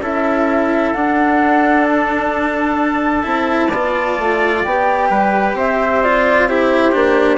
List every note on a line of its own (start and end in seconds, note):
0.00 0.92 C#4
0.00 0.95 E4
0.00 3.69 A4
0.00 0.93 E5
0.93 3.22 D4
0.93 3.25 D4
0.93 1.84 F#5
1.84 4.61 A5
3.22 3.71 C4
3.22 3.69 E4
3.69 4.17 B3
3.69 4.67 F4
3.69 5.07 D5
4.17 4.64 A3
4.62 5.10 B3
4.62 6.04 G4
4.62 5.54 G5
5.10 5.54 G3
5.10 5.56 B4
5.54 6.92 C4
5.54 6.49 C5
5.54 6.02 E5
6.02 6.49 F4
6.02 6.47 D5
6.47 6.92 E4
6.47 7.37 G4
6.47 7.37 C5
6.92 7.37 A#3
6.92 7.37 D4